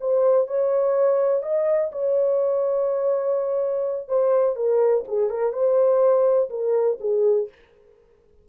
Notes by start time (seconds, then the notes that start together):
0.00 C5
0.47 C#5
1.42 D#5
1.91 C#5
4.08 C5
4.55 A#4
5.07 G#4
5.30 A#4
5.52 C5
6.50 A#4
7.00 G#4